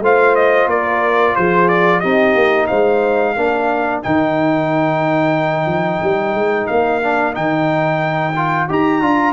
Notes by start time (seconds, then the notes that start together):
0.00 A3 F4 C5 F5
0.35 D#5
0.66 A#3 A#4 D5
1.35 F3 G#4 C5
1.68 D5
2.00 C4 D#4 G4 D#5
2.35 A#3
2.66 G#3 C5 F5
3.35 A#3 D4 A#4
4.02 D#3 D#4 G5
5.66 F3
6.02 G3
6.34 G#3
6.67 A#3 F5
7.02 D4
7.32 D#3 D#4 G5
8.36 F4
8.68 D#4 G4 A#5
9.01 D4 F4